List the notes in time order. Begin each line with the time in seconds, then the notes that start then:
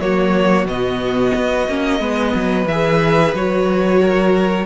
0.00 F#3 A#3 F#4 C#5
0.64 B2 B3 D#5
1.35 B3
1.68 A#3 C#4
2.00 G#3 B3 B4
2.34 F#3
2.65 E3 G#4 E5
3.34 F#3 F#4 C#5
4.02 A#4